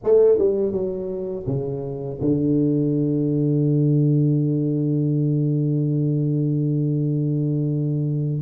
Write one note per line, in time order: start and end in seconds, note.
0.03 0.38 A3
0.38 0.72 G3
0.72 1.45 F#3
1.46 2.19 C#3
2.21 8.42 D3